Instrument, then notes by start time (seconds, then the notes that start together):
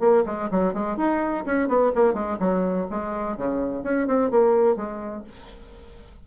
bassoon
0.00 A#3
0.26 G#3
0.51 F#3
0.74 G#3
0.97 D#4
1.46 C#4
1.68 B3
1.95 A#3
2.14 G#3
2.39 F#3
2.90 G#3
3.37 C#3
3.84 C#4
4.08 C4
4.31 A#3
4.76 G#3